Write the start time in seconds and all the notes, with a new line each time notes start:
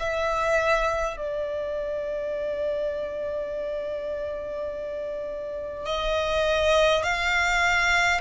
0.00 E5
1.18 D5
5.86 D#5
7.03 F5